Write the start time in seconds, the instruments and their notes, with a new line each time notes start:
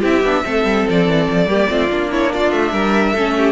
0.00 cello C4, viola E4, violin G4 E5
0.23 cello B3, viola D4
0.44 cello A3, viola C4, violin A4
0.64 cello G3
0.89 cello F3, violin D5
1.07 cello E3
1.30 cello F3
1.46 cello G3, viola A#3, violin G4
1.68 cello A3, viola C4, violin F4
1.90 cello A#3, viola D4
2.11 violin E4 C#5
2.33 violin F4 D5
2.51 cello A3, violin E5
2.72 cello G3, violin A#4
3.13 cello A3, viola C#4, violin A4
3.37 violin G4